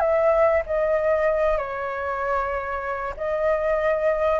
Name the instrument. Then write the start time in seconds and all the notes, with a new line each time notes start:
flute
0.00 E5
0.66 D#5
1.58 C#5
3.17 D#5